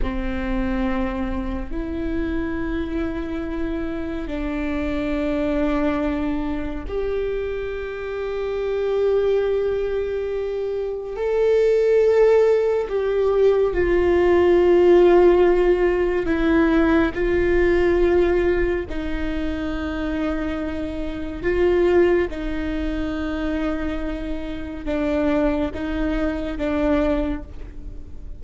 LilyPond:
\new Staff \with { instrumentName = "viola" } { \time 4/4 \tempo 4 = 70 c'2 e'2~ | e'4 d'2. | g'1~ | g'4 a'2 g'4 |
f'2. e'4 | f'2 dis'2~ | dis'4 f'4 dis'2~ | dis'4 d'4 dis'4 d'4 | }